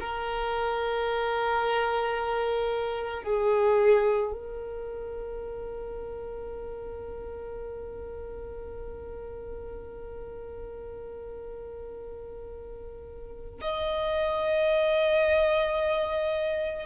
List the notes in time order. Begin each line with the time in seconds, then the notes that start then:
0.00 A#4
3.23 G#4
4.32 A#4
13.61 D#5